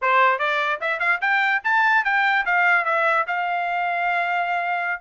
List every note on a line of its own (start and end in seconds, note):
0.01 0.39 C5
0.39 0.79 D5
0.81 0.99 E5
0.99 1.19 F5
1.21 1.62 G5
1.64 2.04 A5
2.04 2.45 G5
2.45 2.84 F5
2.84 3.25 E5
3.27 5.00 F5